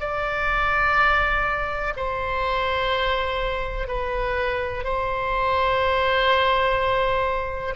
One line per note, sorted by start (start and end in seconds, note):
0.00 1.94 D5
1.96 3.88 C5
3.88 4.84 B4
4.84 7.75 C5